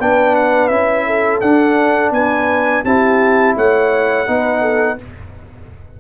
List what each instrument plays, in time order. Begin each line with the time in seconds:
0.00 tuba B3, trombone D4, horn B4, trumpet G5
0.36 trumpet F#5
0.68 tuba C#4, trombone E4, trumpet E5
1.07 horn A4
1.41 tuba D4, trombone D4, trumpet F#5
2.11 tuba B3, horn B4, trumpet G#5
2.85 tuba C4, trombone E4, horn G4, trumpet A5
3.57 tuba A3, horn C#5, trumpet F#5
4.27 tuba B3, trombone D#4, horn B4
4.61 horn A4